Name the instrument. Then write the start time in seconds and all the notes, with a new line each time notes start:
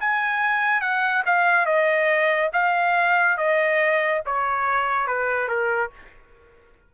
trumpet
0.00 G#5
0.81 F#5
1.26 F5
1.66 D#5
2.53 F5
3.37 D#5
4.26 C#5
5.07 B4
5.48 A#4